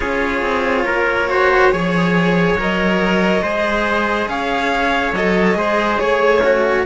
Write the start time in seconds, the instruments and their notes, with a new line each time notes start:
0.00 cello C#4 F4, trumpet G#4, violin C#5
0.41 cello C4
0.85 cello A#3, trumpet A#4
1.29 cello F#4, trumpet C5
1.71 cello F3 G#4, trumpet C#5
2.55 cello F#3 A#4, violin D#5
3.42 cello G#3 G#4, trumpet C5
4.27 cello C#4, trumpet C#5, violin F5
5.12 cello F#3 A4, violin D#5
5.54 cello G#3 G#4, trumpet C5
5.98 cello A3, violin C#5, trumpet C#5
6.40 trumpet C#4, cello F#4